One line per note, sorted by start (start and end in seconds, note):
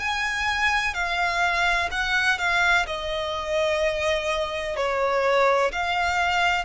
0.00 0.94 G#5
0.94 1.90 F5
1.91 2.39 F#5
2.39 2.87 F5
2.87 4.77 D#5
4.77 5.72 C#5
5.72 6.65 F5